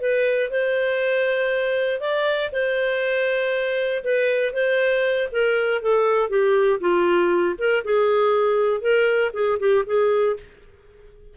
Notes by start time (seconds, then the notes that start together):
0.00 B4
0.50 C5
2.00 D5
2.52 C5
4.03 B4
4.53 C5
5.31 A#4
5.82 A4
6.29 G4
6.80 F4
7.58 A#4
7.84 G#4
8.81 A#4
9.33 G#4
9.59 G4
9.86 G#4